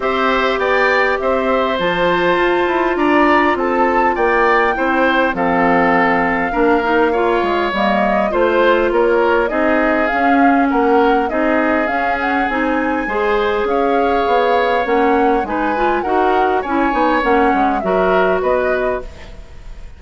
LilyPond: <<
  \new Staff \with { instrumentName = "flute" } { \time 4/4 \tempo 4 = 101 e''4 g''4 e''4 a''4~ | a''4 ais''4 a''4 g''4~ | g''4 f''2.~ | f''4 dis''4 c''4 cis''4 |
dis''4 f''4 fis''4 dis''4 | f''8 fis''8 gis''2 f''4~ | f''4 fis''4 gis''4 fis''4 | gis''4 fis''4 e''4 dis''4 | }
  \new Staff \with { instrumentName = "oboe" } { \time 4/4 c''4 d''4 c''2~ | c''4 d''4 a'4 d''4 | c''4 a'2 ais'4 | cis''2 c''4 ais'4 |
gis'2 ais'4 gis'4~ | gis'2 c''4 cis''4~ | cis''2 b'4 ais'4 | cis''2 ais'4 b'4 | }
  \new Staff \with { instrumentName = "clarinet" } { \time 4/4 g'2. f'4~ | f'1 | e'4 c'2 d'8 dis'8 | f'4 ais4 f'2 |
dis'4 cis'2 dis'4 | cis'4 dis'4 gis'2~ | gis'4 cis'4 dis'8 f'8 fis'4 | e'8 dis'8 cis'4 fis'2 | }
  \new Staff \with { instrumentName = "bassoon" } { \time 4/4 c'4 b4 c'4 f4 | f'8 e'8 d'4 c'4 ais4 | c'4 f2 ais4~ | ais8 gis8 g4 a4 ais4 |
c'4 cis'4 ais4 c'4 | cis'4 c'4 gis4 cis'4 | b4 ais4 gis4 dis'4 | cis'8 b8 ais8 gis8 fis4 b4 | }
>>